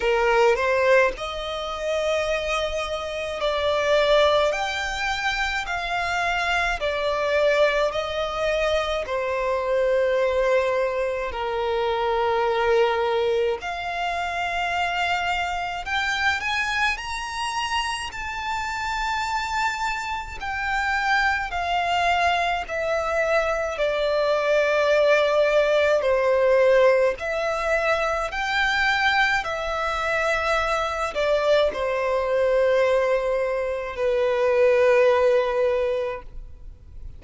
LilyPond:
\new Staff \with { instrumentName = "violin" } { \time 4/4 \tempo 4 = 53 ais'8 c''8 dis''2 d''4 | g''4 f''4 d''4 dis''4 | c''2 ais'2 | f''2 g''8 gis''8 ais''4 |
a''2 g''4 f''4 | e''4 d''2 c''4 | e''4 g''4 e''4. d''8 | c''2 b'2 | }